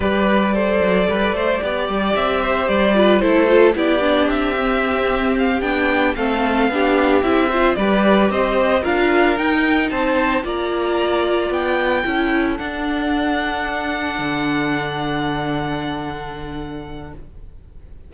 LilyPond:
<<
  \new Staff \with { instrumentName = "violin" } { \time 4/4 \tempo 4 = 112 d''1 | e''4 d''4 c''4 d''4 | e''2 f''8 g''4 f''8~ | f''4. e''4 d''4 dis''8~ |
dis''8 f''4 g''4 a''4 ais''8~ | ais''4. g''2 fis''8~ | fis''1~ | fis''1 | }
  \new Staff \with { instrumentName = "violin" } { \time 4/4 b'4 c''4 b'8 c''8 d''4~ | d''8 c''4 b'8 a'4 g'4~ | g'2.~ g'8 a'8~ | a'8 g'4. c''8 b'4 c''8~ |
c''8 ais'2 c''4 d''8~ | d''2~ d''8 a'4.~ | a'1~ | a'1 | }
  \new Staff \with { instrumentName = "viola" } { \time 4/4 g'4 a'2 g'4~ | g'4. f'8 e'8 f'8 e'8 d'8~ | d'8 c'2 d'4 c'8~ | c'8 d'4 e'8 f'8 g'4.~ |
g'8 f'4 dis'2 f'8~ | f'2~ f'8 e'4 d'8~ | d'1~ | d'1 | }
  \new Staff \with { instrumentName = "cello" } { \time 4/4 g4. fis8 g8 a8 b8 g8 | c'4 g4 a4 b4 | c'2~ c'8 b4 a8~ | a8 b4 c'4 g4 c'8~ |
c'8 d'4 dis'4 c'4 ais8~ | ais4. b4 cis'4 d'8~ | d'2~ d'8 d4.~ | d1 | }
>>